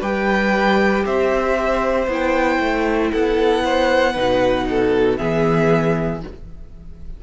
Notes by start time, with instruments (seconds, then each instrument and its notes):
0.00 cello G3, viola G4, violin B4 G5
1.05 cello C4, violin C5 E5
2.07 cello B3, viola E4, violin G5
2.59 cello A3
3.12 cello B3, violin A4 F#5
3.64 violin C5
4.12 cello B2, viola D#4, violin B4
4.69 violin A4
5.17 cello E3, viola B3, violin G#4 E5